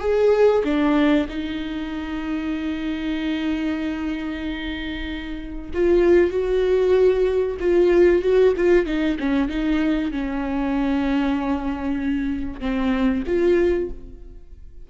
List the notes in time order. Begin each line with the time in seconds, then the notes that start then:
0.00 G#4
0.65 D4
1.29 D#4
5.74 F4
6.31 F#4
7.60 F4
8.23 F#4
8.57 F4
8.87 D#4
9.20 C#4
9.49 D#4
10.12 C#4
12.61 C4
13.27 F4